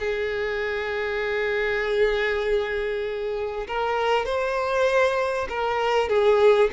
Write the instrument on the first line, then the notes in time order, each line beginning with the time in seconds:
violin
0.00 G#4
3.68 A#4
4.26 C5
5.50 A#4
6.09 G#4